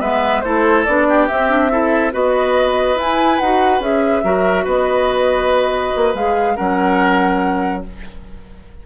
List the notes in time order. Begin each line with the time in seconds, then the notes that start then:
0.00 G#3 B3 B4 E5
0.41 A3 E4 A4 C5
0.84 B3 D4 D5
1.08 G4
1.27 C4 E5
1.49 D4
1.70 E4 A4
2.11 B3 F#4 B4 D#5
2.95 E4 G#5
3.39 D#4 F#4 F#5
3.80 C#4 G#4 E5
4.23 F#3 F#4 A#4
4.64 B3 B4 D#5
5.95 A#3
6.14 G#3 G#4 F5
6.56 F#3 C#4 A#4 F#5